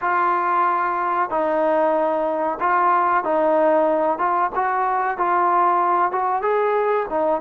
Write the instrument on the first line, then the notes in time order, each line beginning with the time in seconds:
trombone
0.01 F4
1.29 D#4
2.60 F4
3.23 D#4
4.18 F4
4.55 F#4
5.17 F4
6.11 F#4
6.42 G#4
7.09 D#4